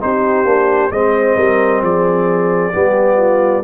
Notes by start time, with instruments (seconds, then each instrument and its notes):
0.00 tuba C4, trombone D#4, horn G4, trumpet C5
0.44 tuba A#3, trombone D4
0.91 tuba G#3, trombone C4, horn C5, trumpet D#5
1.37 tuba G3, horn A#4
1.81 tuba F3, horn G#4, trumpet D5
2.73 tuba G3, trombone B3, horn G4
3.17 horn F4